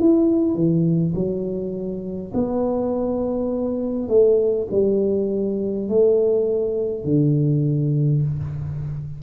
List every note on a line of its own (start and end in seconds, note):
0.00 0.55 E4
0.55 1.13 E3
1.15 2.33 F#3
2.34 4.09 B3
4.09 4.67 A3
4.71 5.89 G3
5.89 7.05 A3
7.05 8.22 D3